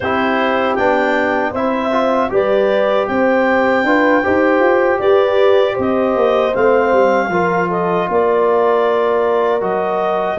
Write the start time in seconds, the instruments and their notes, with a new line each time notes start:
0.00 tuba C4, trombone E4, horn G4, clarinet C5
0.75 tuba B3, trombone D4, clarinet G5
1.51 tuba C4, trombone E4, horn C5, clarinet E5
1.91 trombone F4
2.29 tuba G3, trombone G4, horn B4, clarinet D5
3.07 tuba C4, horn C5, clarinet G5
3.83 tuba D4, trombone F4, horn B4
4.22 tuba D#4, trombone G4, horn C5
4.59 tuba F4
4.99 tuba G4, horn B4, clarinet D5
5.73 tuba C4, horn C5
5.80 clarinet D#5
6.15 tuba A#3
6.53 tuba A3, trombone C4, clarinet F5
6.92 tuba G3
7.29 tuba F3, trombone F4, horn A#4
7.68 horn A4, clarinet D#5
8.08 tuba A#3, horn A#4, clarinet D5
9.60 tuba F#3, trombone F#4, clarinet D#5